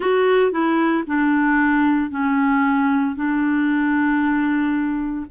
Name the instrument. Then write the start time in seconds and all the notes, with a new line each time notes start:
clarinet
0.00 F#4
0.51 E4
1.07 D4
2.10 C#4
3.15 D4